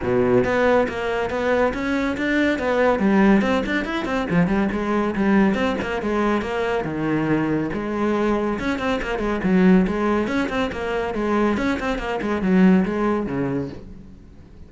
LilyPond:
\new Staff \with { instrumentName = "cello" } { \time 4/4 \tempo 4 = 140 b,4 b4 ais4 b4 | cis'4 d'4 b4 g4 | c'8 d'8 e'8 c'8 f8 g8 gis4 | g4 c'8 ais8 gis4 ais4 |
dis2 gis2 | cis'8 c'8 ais8 gis8 fis4 gis4 | cis'8 c'8 ais4 gis4 cis'8 c'8 | ais8 gis8 fis4 gis4 cis4 | }